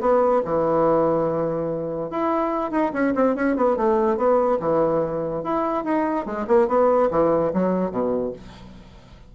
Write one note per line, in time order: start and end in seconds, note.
0.00 0.42 B3
0.45 2.10 E3
2.10 2.71 E4
2.71 2.92 D#4
2.93 3.14 C#4
3.15 3.35 C4
3.35 3.56 C#4
3.56 3.77 B3
3.77 4.17 A3
4.17 4.59 B3
4.60 5.43 E3
5.44 5.84 E4
5.84 6.26 D#4
6.26 6.46 G#3
6.47 6.68 A#3
6.68 7.10 B3
7.10 7.52 E3
7.53 7.91 F#3
7.91 8.33 B2